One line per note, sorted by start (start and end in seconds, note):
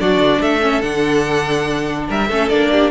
0.00 0.17 F#3
0.00 0.61 D4
0.00 0.41 F#4
0.00 0.42 D5
0.17 0.38 D3
0.41 0.82 A3
0.41 2.08 A4
0.41 0.81 E5
0.61 0.82 C#4
0.81 2.08 D3
0.81 2.28 D4
0.81 2.06 F#5
2.08 2.29 G3
2.08 2.28 A#4
2.08 2.49 E5
2.28 2.50 A3
2.28 2.50 C#4
2.28 2.70 A4
2.49 2.91 A#3
2.49 2.91 D4
2.49 2.91 D5
2.72 2.91 G4